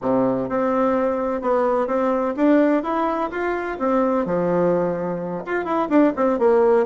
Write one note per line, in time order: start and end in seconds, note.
0.01 0.49 C3
0.49 1.41 C4
1.41 1.87 B3
1.87 2.34 C4
2.36 2.83 D4
2.83 3.30 E4
3.30 3.78 F4
3.78 4.25 C4
4.25 5.44 F3
5.45 5.65 F4
5.65 5.88 E4
5.89 6.13 D4
6.15 6.39 C4
6.39 6.86 A#3